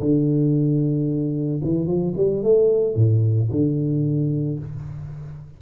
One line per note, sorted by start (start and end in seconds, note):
0.00 1.62 D3
1.64 1.87 E3
1.87 2.14 F3
2.17 2.43 G3
2.43 2.96 A3
2.96 3.50 A2
3.51 4.59 D3